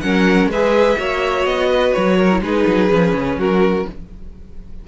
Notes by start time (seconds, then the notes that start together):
0.00 F#3 C#4 A#4 F#5
0.47 G#3 B4 E5
0.53 G#4
0.97 A#3 F#4 C#5
1.45 B3 D#5
1.69 B4
1.92 F#3 C#5
2.17 A#4
2.31 E4
2.41 G#3 D#4 G#4 B4
2.67 F#3
2.89 F3 C#4
3.13 C#3
3.37 F#3 F#4 A#4